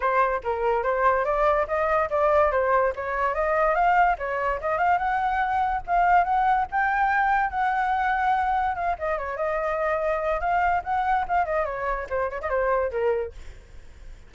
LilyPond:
\new Staff \with { instrumentName = "flute" } { \time 4/4 \tempo 4 = 144 c''4 ais'4 c''4 d''4 | dis''4 d''4 c''4 cis''4 | dis''4 f''4 cis''4 dis''8 f''8 | fis''2 f''4 fis''4 |
g''2 fis''2~ | fis''4 f''8 dis''8 cis''8 dis''4.~ | dis''4 f''4 fis''4 f''8 dis''8 | cis''4 c''8 cis''16 dis''16 c''4 ais'4 | }